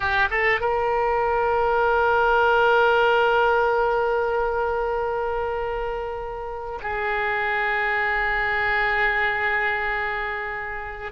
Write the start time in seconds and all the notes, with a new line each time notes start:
0.00 G4
0.30 A4
0.60 A#4
6.82 G#4